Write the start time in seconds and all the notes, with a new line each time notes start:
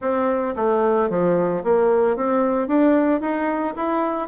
0.01 C4
0.56 A3
1.09 F3
1.63 A#3
2.16 C4
2.67 D4
3.20 D#4
3.76 E4